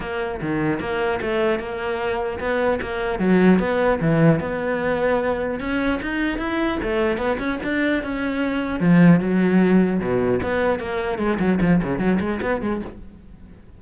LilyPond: \new Staff \with { instrumentName = "cello" } { \time 4/4 \tempo 4 = 150 ais4 dis4 ais4 a4 | ais2 b4 ais4 | fis4 b4 e4 b4~ | b2 cis'4 dis'4 |
e'4 a4 b8 cis'8 d'4 | cis'2 f4 fis4~ | fis4 b,4 b4 ais4 | gis8 fis8 f8 cis8 fis8 gis8 b8 gis8 | }